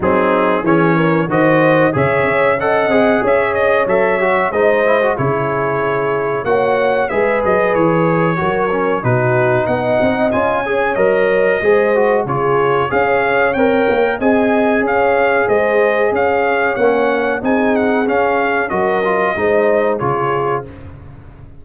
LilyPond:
<<
  \new Staff \with { instrumentName = "trumpet" } { \time 4/4 \tempo 4 = 93 gis'4 cis''4 dis''4 e''4 | fis''4 e''8 dis''8 e''4 dis''4 | cis''2 fis''4 e''8 dis''8 | cis''2 b'4 fis''4 |
gis''4 dis''2 cis''4 | f''4 g''4 gis''4 f''4 | dis''4 f''4 fis''4 gis''8 fis''8 | f''4 dis''2 cis''4 | }
  \new Staff \with { instrumentName = "horn" } { \time 4/4 dis'4 gis'8 ais'8 c''4 cis''4 | dis''4 cis''2 c''4 | gis'2 cis''4 b'4~ | b'4 ais'4 fis'4 dis''4~ |
dis''8 cis''4. c''4 gis'4 | cis''2 dis''4 cis''4 | c''4 cis''2 gis'4~ | gis'4 ais'4 c''4 gis'4 | }
  \new Staff \with { instrumentName = "trombone" } { \time 4/4 c'4 cis'4 fis'4 gis'4 | a'8 gis'4. a'8 fis'8 dis'8 e'16 fis'16 | e'2 fis'4 gis'4~ | gis'4 fis'8 cis'8 dis'2 |
f'8 gis'8 ais'4 gis'8 fis'8 f'4 | gis'4 ais'4 gis'2~ | gis'2 cis'4 dis'4 | cis'4 fis'8 f'8 dis'4 f'4 | }
  \new Staff \with { instrumentName = "tuba" } { \time 4/4 fis4 e4 dis4 cis8 cis'8~ | cis'8 c'8 cis'4 fis4 gis4 | cis2 ais4 gis8 fis8 | e4 fis4 b,4 b8 c'8 |
cis'4 fis4 gis4 cis4 | cis'4 c'8 ais8 c'4 cis'4 | gis4 cis'4 ais4 c'4 | cis'4 fis4 gis4 cis4 | }
>>